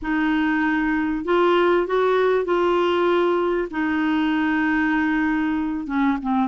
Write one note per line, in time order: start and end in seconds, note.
0.02 1.25 D#4
1.25 1.86 F4
1.87 2.44 F#4
2.44 3.68 F4
3.70 5.86 D#4
5.86 6.17 C#4
6.22 6.48 C4